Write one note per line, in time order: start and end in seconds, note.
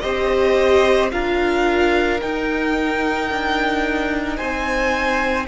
0.00 1.12 C4
0.00 1.11 G4
0.00 1.12 C5
0.00 1.09 D#5
1.11 2.21 D4
1.11 2.20 F4
1.11 4.37 A#4
1.11 2.20 F5
2.21 5.48 D#4
2.21 3.30 D#4
2.21 4.37 G5
3.30 4.39 D4
4.37 5.48 C4
4.37 5.46 C5
4.37 5.46 G#5